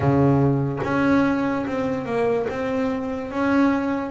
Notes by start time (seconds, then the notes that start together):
0.00 C#3
0.83 C#4
1.66 C4
2.05 A#3
2.49 C4
3.31 C#4